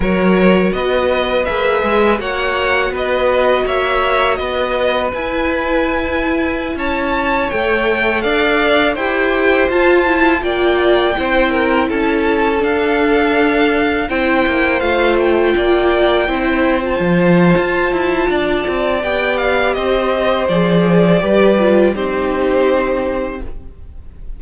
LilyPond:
<<
  \new Staff \with { instrumentName = "violin" } { \time 4/4 \tempo 4 = 82 cis''4 dis''4 e''4 fis''4 | dis''4 e''4 dis''4 gis''4~ | gis''4~ gis''16 a''4 g''4 f''8.~ | f''16 g''4 a''4 g''4.~ g''16~ |
g''16 a''4 f''2 g''8.~ | g''16 f''8 g''2~ g''16 a''4~ | a''2 g''8 f''8 dis''4 | d''2 c''2 | }
  \new Staff \with { instrumentName = "violin" } { \time 4/4 ais'4 b'2 cis''4 | b'4 cis''4 b'2~ | b'4~ b'16 cis''2 d''8.~ | d''16 c''2 d''4 c''8 ais'16~ |
ais'16 a'2. c''8.~ | c''4~ c''16 d''4 c''4.~ c''16~ | c''4 d''2 c''4~ | c''4 b'4 g'2 | }
  \new Staff \with { instrumentName = "viola" } { \time 4/4 fis'2 gis'4 fis'4~ | fis'2. e'4~ | e'2~ e'16 a'4.~ a'16~ | a'16 g'4 f'8 e'8 f'4 e'8.~ |
e'4~ e'16 d'2 e'8.~ | e'16 f'2 e'8. f'4~ | f'2 g'2 | gis'4 g'8 f'8 dis'2 | }
  \new Staff \with { instrumentName = "cello" } { \time 4/4 fis4 b4 ais8 gis8 ais4 | b4 ais4 b4 e'4~ | e'4~ e'16 cis'4 a4 d'8.~ | d'16 e'4 f'4 ais4 c'8.~ |
c'16 cis'4 d'2 c'8 ais16~ | ais16 a4 ais4 c'4 f8. | f'8 e'8 d'8 c'8 b4 c'4 | f4 g4 c'2 | }
>>